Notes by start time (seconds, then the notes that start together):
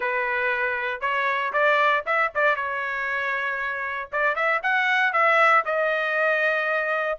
0.00 B4
1.00 C#5
1.52 D5
2.05 E5
2.34 D5
2.56 C#5
4.12 D5
4.35 E5
4.62 F#5
5.13 E5
5.65 D#5